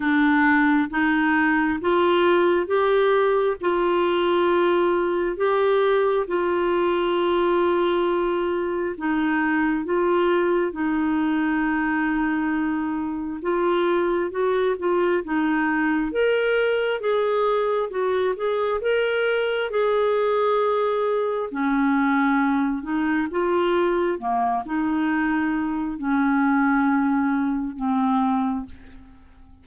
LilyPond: \new Staff \with { instrumentName = "clarinet" } { \time 4/4 \tempo 4 = 67 d'4 dis'4 f'4 g'4 | f'2 g'4 f'4~ | f'2 dis'4 f'4 | dis'2. f'4 |
fis'8 f'8 dis'4 ais'4 gis'4 | fis'8 gis'8 ais'4 gis'2 | cis'4. dis'8 f'4 ais8 dis'8~ | dis'4 cis'2 c'4 | }